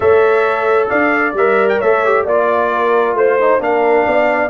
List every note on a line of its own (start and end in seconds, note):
0.00 0.90 A3
0.00 1.33 A4
0.00 0.89 C#5
0.00 0.88 E5
0.89 1.33 D4
0.89 1.78 D5
0.89 1.34 F5
1.33 1.78 G3
1.33 1.83 A#4
1.33 1.69 E5
1.69 1.80 G5
1.78 2.25 A3
1.78 2.05 A4
1.78 2.23 C#5
1.78 2.25 E5
2.05 2.27 G4
2.24 3.14 A#3
2.24 3.40 F4
2.24 2.69 D5
2.24 3.16 D5
2.72 3.16 A#4
3.14 3.59 A3
3.14 3.61 C5
3.40 3.59 D#4
3.59 4.05 A#3
3.59 4.49 D4
3.59 4.06 A#4
3.59 4.49 F5
4.07 4.49 B3
4.07 4.49 D5